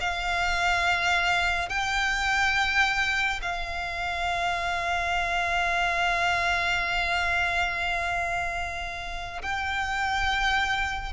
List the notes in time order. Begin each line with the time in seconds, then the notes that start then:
0.00 F5
1.69 G5
3.41 F5
9.42 G5